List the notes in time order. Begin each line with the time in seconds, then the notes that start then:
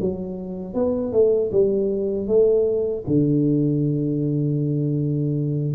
0.00 F#3
0.74 B3
1.12 A3
1.51 G3
2.27 A3
3.07 D3